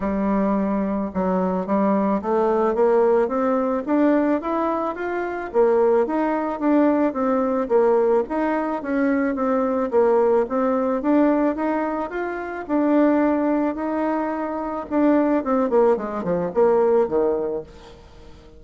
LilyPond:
\new Staff \with { instrumentName = "bassoon" } { \time 4/4 \tempo 4 = 109 g2 fis4 g4 | a4 ais4 c'4 d'4 | e'4 f'4 ais4 dis'4 | d'4 c'4 ais4 dis'4 |
cis'4 c'4 ais4 c'4 | d'4 dis'4 f'4 d'4~ | d'4 dis'2 d'4 | c'8 ais8 gis8 f8 ais4 dis4 | }